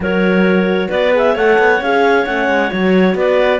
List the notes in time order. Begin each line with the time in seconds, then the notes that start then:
0.00 F#3 F#4 A#4 C#5
0.88 B3 B4 D5
1.13 G#4 E5
1.33 A3 A4 C#5 F#5
1.58 B3
1.80 C#4 G#4 F5
2.24 A3 C#4 F#5
2.48 G#3
2.70 F#3 F#4 C#5
3.14 B3 B4 D5